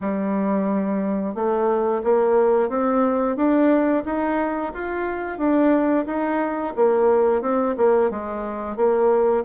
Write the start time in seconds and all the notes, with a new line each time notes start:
0.01 G3
1.34 A3
2.03 A#3
2.69 C4
3.36 D4
4.04 D#4
4.74 F4
5.37 D4
6.06 D#4
6.76 A#3
7.41 C4
7.77 A#3
8.10 G#3
8.76 A#3